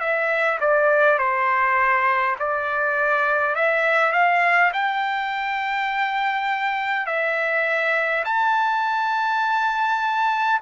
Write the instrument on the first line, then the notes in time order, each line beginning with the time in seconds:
trumpet
0.00 E5
0.61 D5
1.19 C5
2.40 D5
3.56 E5
4.13 F5
4.74 G5
7.06 E5
8.25 A5